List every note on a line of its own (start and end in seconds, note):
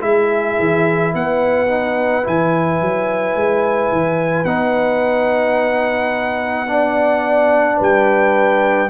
0.00 0.57 G#3
0.00 1.67 E4
0.00 1.13 G#4
0.00 1.13 E5
0.59 1.14 E3
1.13 2.25 B3
1.13 6.69 B4
1.13 2.26 F#5
1.67 2.23 D#4
2.23 2.81 E3
2.23 4.45 E4
2.23 4.45 G#5
2.81 3.35 F#3
3.35 3.91 G#3
3.91 4.44 E3
4.44 7.78 B3
4.44 6.66 D#4
4.44 7.78 F#5
6.66 8.89 D4
6.66 7.77 D5
7.77 8.89 G3
7.77 8.88 B4
7.77 8.89 G5